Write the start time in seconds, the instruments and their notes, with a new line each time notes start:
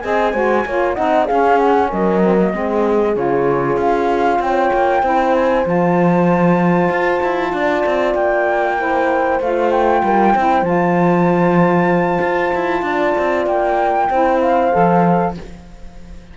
0.00 cello C4, saxophone G#4, horn D#5, flute G#5
0.34 cello G#3, saxophone F#4, horn C5
0.66 cello A#3, saxophone F4, horn C#5
0.94 cello C4, saxophone D#4, horn D#5, flute F#5
1.26 saxophone C#4, cello C#4, horn G#4, flute F5
1.58 flute F#5
1.90 cello F#3, horn A#4, flute D#5
2.22 saxophone C4
2.39 saxophone A#3
2.53 cello G#3, saxophone C4, horn G#4
3.15 cello C#3, saxophone F4, flute C#5
3.77 cello C#4, flute F5
4.40 cello C4, horn C#5, flute G5
4.74 cello A#3
5.02 cello C4, saxophone E4, horn C5
5.35 flute G#5
5.65 cello F3, saxophone F4, flute A5
6.90 cello F4
7.24 cello E4
7.53 cello D4, horn D5
7.86 cello C4
8.15 cello A#3, flute G5
8.78 saxophone E4, horn C5
9.40 cello A3, saxophone F4, flute F5
9.72 flute G5
10.04 cello G3, horn A#4
10.34 cello C4, saxophone E4, horn C5
10.62 cello F3, saxophone F4, flute A5
12.22 cello F4
12.55 cello E4
12.83 cello D4, horn D5
13.18 cello C4
13.47 cello A#3, flute G5
14.10 cello C4, saxophone E4, horn C5
14.41 flute F5
14.72 cello F3, saxophone A4